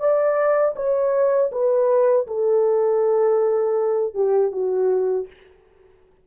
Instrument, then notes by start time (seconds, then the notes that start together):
horn
0.00 D5
0.76 C#5
1.52 B4
2.27 A4
4.15 G4
4.52 F#4